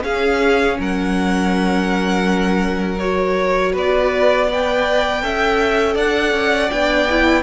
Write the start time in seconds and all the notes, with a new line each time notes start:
0.00 C#4 G#4 F5
0.79 F#3 A#4 F#5
2.99 F#4 C#5
3.73 B3 B4 D5
4.48 B4 D5 G5
5.22 C#4 A4 E5
5.94 D4 D5 F#5
6.32 C#4
6.70 B3 D4 G5
7.09 E4